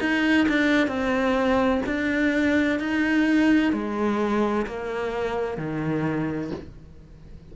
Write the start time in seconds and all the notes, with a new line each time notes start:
0.00 D#4
0.49 D4
0.87 C4
1.86 D4
2.80 D#4
3.72 G#3
4.66 A#3
5.57 D#3